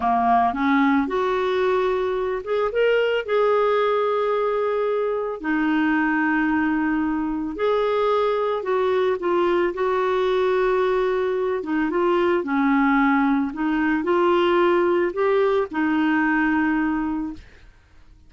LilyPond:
\new Staff \with { instrumentName = "clarinet" } { \time 4/4 \tempo 4 = 111 ais4 cis'4 fis'2~ | fis'8 gis'8 ais'4 gis'2~ | gis'2 dis'2~ | dis'2 gis'2 |
fis'4 f'4 fis'2~ | fis'4. dis'8 f'4 cis'4~ | cis'4 dis'4 f'2 | g'4 dis'2. | }